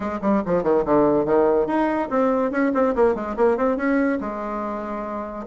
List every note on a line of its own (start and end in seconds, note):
0.00 0.19 G#3
0.21 0.42 G3
0.45 0.63 F3
0.63 0.84 D#3
0.85 1.25 D3
1.25 1.66 D#3
1.66 2.08 D#4
2.10 2.51 C4
2.51 2.72 C#4
2.73 2.94 C4
2.95 3.14 A#3
3.14 3.35 G#3
3.36 3.57 A#3
3.57 3.76 C4
3.76 4.18 C#4
4.20 5.46 G#3